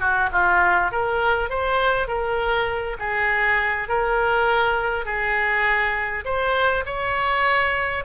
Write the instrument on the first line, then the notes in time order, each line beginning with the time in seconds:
oboe
0.00 F#4
0.32 F4
0.92 A#4
1.50 C5
2.08 A#4
2.99 G#4
3.89 A#4
5.05 G#4
6.25 C5
6.86 C#5